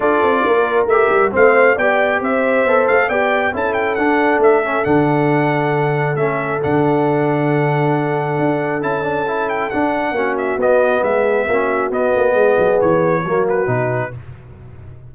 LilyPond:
<<
  \new Staff \with { instrumentName = "trumpet" } { \time 4/4 \tempo 4 = 136 d''2 e''4 f''4 | g''4 e''4. f''8 g''4 | a''8 g''8 fis''4 e''4 fis''4~ | fis''2 e''4 fis''4~ |
fis''1 | a''4. g''8 fis''4. e''8 | dis''4 e''2 dis''4~ | dis''4 cis''4. b'4. | }
  \new Staff \with { instrumentName = "horn" } { \time 4/4 a'4 ais'2 c''4 | d''4 c''2 d''4 | a'1~ | a'1~ |
a'1~ | a'2. fis'4~ | fis'4 gis'4 fis'2 | gis'2 fis'2 | }
  \new Staff \with { instrumentName = "trombone" } { \time 4/4 f'2 g'4 c'4 | g'2 a'4 g'4 | e'4 d'4. cis'8 d'4~ | d'2 cis'4 d'4~ |
d'1 | e'8 d'8 e'4 d'4 cis'4 | b2 cis'4 b4~ | b2 ais4 dis'4 | }
  \new Staff \with { instrumentName = "tuba" } { \time 4/4 d'8 c'8 ais4 a8 g8 a4 | b4 c'4 b8 a8 b4 | cis'4 d'4 a4 d4~ | d2 a4 d4~ |
d2. d'4 | cis'2 d'4 ais4 | b4 gis4 ais4 b8 ais8 | gis8 fis8 e4 fis4 b,4 | }
>>